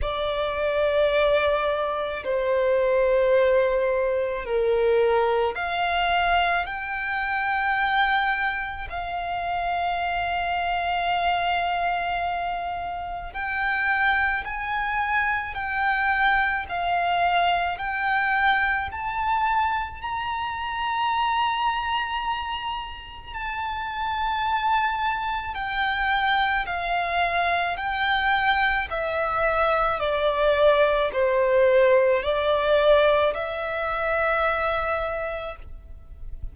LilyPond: \new Staff \with { instrumentName = "violin" } { \time 4/4 \tempo 4 = 54 d''2 c''2 | ais'4 f''4 g''2 | f''1 | g''4 gis''4 g''4 f''4 |
g''4 a''4 ais''2~ | ais''4 a''2 g''4 | f''4 g''4 e''4 d''4 | c''4 d''4 e''2 | }